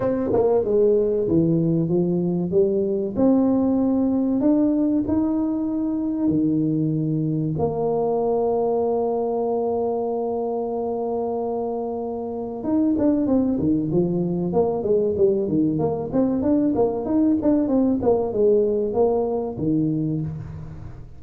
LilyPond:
\new Staff \with { instrumentName = "tuba" } { \time 4/4 \tempo 4 = 95 c'8 ais8 gis4 e4 f4 | g4 c'2 d'4 | dis'2 dis2 | ais1~ |
ais1 | dis'8 d'8 c'8 dis8 f4 ais8 gis8 | g8 dis8 ais8 c'8 d'8 ais8 dis'8 d'8 | c'8 ais8 gis4 ais4 dis4 | }